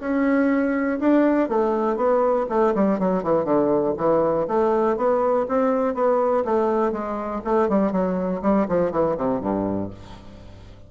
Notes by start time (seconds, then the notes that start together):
0.00 C#4
1.00 D4
1.49 A3
1.97 B3
2.50 A3
2.75 G3
2.99 F#3
3.23 E3
3.45 D3
3.98 E3
4.48 A3
4.97 B3
5.48 C4
5.95 B3
6.45 A3
6.92 G#3
7.44 A3
7.69 G3
7.92 F#3
8.42 G3
8.68 F3
8.92 E3
9.17 C3
9.41 G2